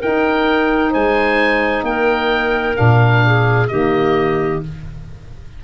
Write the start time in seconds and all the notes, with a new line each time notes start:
0.00 D#4 A#4 G5
0.90 G#3 C5 G#5
1.83 A#3 A#4 G5
2.74 A#2 D4 F5
3.26 G#4
3.68 D#3 A#3 G4 D#5